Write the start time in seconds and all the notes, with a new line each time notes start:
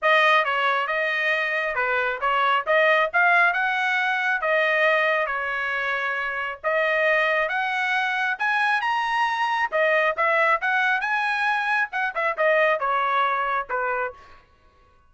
0.02 D#5
0.45 C#5
0.87 D#5
1.75 B4
2.21 C#5
2.66 D#5
3.13 F5
3.53 F#5
4.41 D#5
5.26 C#5
6.63 D#5
7.48 F#5
8.38 G#5
8.81 A#5
9.71 D#5
10.16 E5
10.61 F#5
11.00 G#5
11.92 F#5
12.14 E5
12.37 D#5
12.79 C#5
13.69 B4